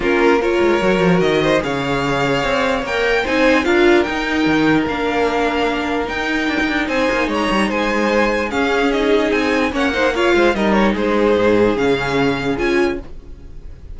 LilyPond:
<<
  \new Staff \with { instrumentName = "violin" } { \time 4/4 \tempo 4 = 148 ais'4 cis''2 dis''4 | f''2. g''4 | gis''4 f''4 g''2 | f''2. g''4~ |
g''4 gis''4 ais''4 gis''4~ | gis''4 f''4 dis''4 gis''4 | fis''4 f''4 dis''8 cis''8 c''4~ | c''4 f''2 gis''4 | }
  \new Staff \with { instrumentName = "violin" } { \time 4/4 f'4 ais'2~ ais'8 c''8 | cis''1 | c''4 ais'2.~ | ais'1~ |
ais'4 c''4 cis''4 c''4~ | c''4 gis'2. | cis''8 c''8 cis''8 c''8 ais'4 gis'4~ | gis'1 | }
  \new Staff \with { instrumentName = "viola" } { \time 4/4 cis'4 f'4 fis'2 | gis'2. ais'4 | dis'4 f'4 dis'2 | d'2. dis'4~ |
dis'1~ | dis'4 cis'4 dis'2 | cis'8 dis'8 f'4 dis'2~ | dis'4 cis'2 f'4 | }
  \new Staff \with { instrumentName = "cello" } { \time 4/4 ais4. gis8 fis8 f8 dis4 | cis2 c'4 ais4 | c'4 d'4 dis'4 dis4 | ais2. dis'4 |
d'16 dis'16 d'8 c'8 ais8 gis8 g8 gis4~ | gis4 cis'2 c'4 | ais4. gis8 g4 gis4 | gis,4 cis2 cis'4 | }
>>